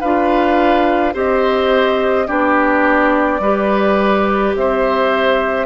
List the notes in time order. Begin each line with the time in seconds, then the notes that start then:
0.00 D4 F4 B4 F5
1.13 C4 G4 C5 D#5
2.26 B3 D4 G4 D5
3.39 G3 G4 B4
4.55 C4 C5 E5